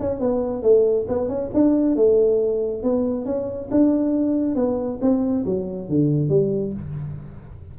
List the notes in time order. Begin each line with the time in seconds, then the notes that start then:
0.00 C#4
0.20 B3
0.63 A3
1.08 B3
1.28 C#4
1.54 D4
1.96 A3
2.83 B3
3.25 C#4
3.71 D4
4.55 B3
5.01 C4
5.45 F#3
5.88 D3
6.29 G3